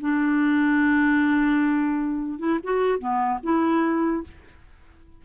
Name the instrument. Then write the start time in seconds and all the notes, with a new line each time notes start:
clarinet
0.00 D4
2.38 E4
2.63 F#4
2.98 B3
3.42 E4